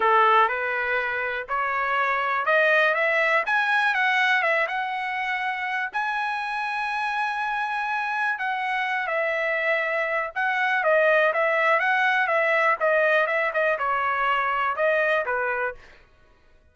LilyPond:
\new Staff \with { instrumentName = "trumpet" } { \time 4/4 \tempo 4 = 122 a'4 b'2 cis''4~ | cis''4 dis''4 e''4 gis''4 | fis''4 e''8 fis''2~ fis''8 | gis''1~ |
gis''4 fis''4. e''4.~ | e''4 fis''4 dis''4 e''4 | fis''4 e''4 dis''4 e''8 dis''8 | cis''2 dis''4 b'4 | }